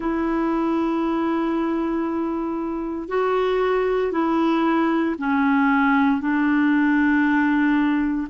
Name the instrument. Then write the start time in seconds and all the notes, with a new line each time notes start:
clarinet
0.00 E4
3.08 F#4
4.11 E4
5.18 C#4
6.21 D4